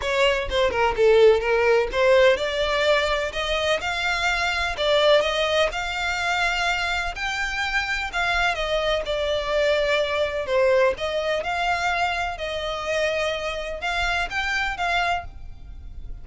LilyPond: \new Staff \with { instrumentName = "violin" } { \time 4/4 \tempo 4 = 126 cis''4 c''8 ais'8 a'4 ais'4 | c''4 d''2 dis''4 | f''2 d''4 dis''4 | f''2. g''4~ |
g''4 f''4 dis''4 d''4~ | d''2 c''4 dis''4 | f''2 dis''2~ | dis''4 f''4 g''4 f''4 | }